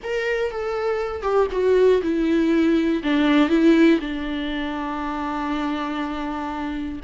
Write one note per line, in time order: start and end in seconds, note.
0.02 0.51 A#4
0.51 1.22 A4
1.22 1.47 G4
1.51 2.01 F#4
2.02 3.02 E4
3.03 3.49 D4
3.49 3.99 E4
4.00 7.00 D4